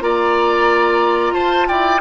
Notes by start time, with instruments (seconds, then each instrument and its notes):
0.00 bassoon A#3, clarinet F4, oboe D5, flute A#5
1.32 bassoon F4, oboe C5, flute A5
1.67 bassoon E4, oboe D5, flute G5